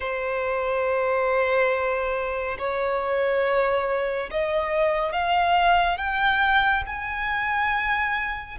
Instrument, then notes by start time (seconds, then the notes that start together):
violin
0.00 C5
2.58 C#5
4.31 D#5
5.12 F5
5.97 G5
6.86 G#5